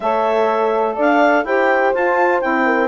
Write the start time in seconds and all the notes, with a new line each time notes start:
0.00 A3 A4 C#5 E5
0.95 D4 D5 F5
1.44 E4 G4 C5 G5
1.93 F4 A5
2.41 C4 E4 G5
2.65 A#4